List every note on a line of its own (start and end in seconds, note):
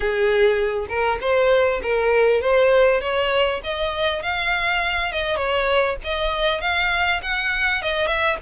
0.00 0.86 G#4
0.88 1.18 A#4
1.21 1.81 C5
1.82 2.41 A#4
2.41 3.00 C5
3.00 3.60 C#5
3.63 4.22 D#5
4.22 5.12 F5
5.12 5.36 D#5
5.36 5.96 C#5
6.04 6.60 D#5
6.60 7.20 F5
7.22 7.82 F#5
7.82 8.06 D#5
8.06 8.36 E5